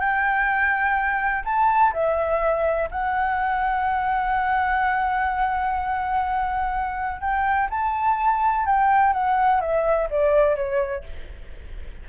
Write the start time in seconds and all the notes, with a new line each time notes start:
0.00 G5
1.45 A5
1.93 E5
2.91 F#5
7.21 G5
7.70 A5
8.66 G5
9.13 F#5
9.61 E5
10.11 D5
10.56 C#5